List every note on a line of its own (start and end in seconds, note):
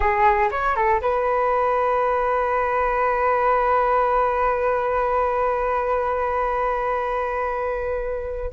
0.00 0.49 G#4
0.51 0.75 C#5
0.75 1.00 A4
1.01 8.51 B4